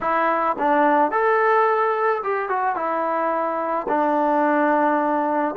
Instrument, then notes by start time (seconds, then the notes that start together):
trombone
0.00 E4
0.58 D4
1.11 A4
2.23 G4
2.48 F#4
2.75 E4
3.88 D4